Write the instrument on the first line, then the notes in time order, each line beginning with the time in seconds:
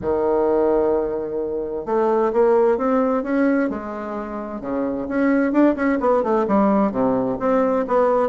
bassoon
0.01 D#3
1.85 A3
2.33 A#3
2.77 C4
3.23 C#4
3.69 G#3
4.60 C#3
5.08 C#4
5.52 D4
5.75 C#4
6.00 B3
6.23 A3
6.47 G3
6.91 C3
7.39 C4
7.87 B3